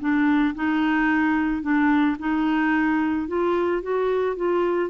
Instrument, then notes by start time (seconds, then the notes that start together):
clarinet
0.00 D4
0.55 D#4
1.62 D4
2.19 D#4
3.28 F4
3.82 F#4
4.36 F4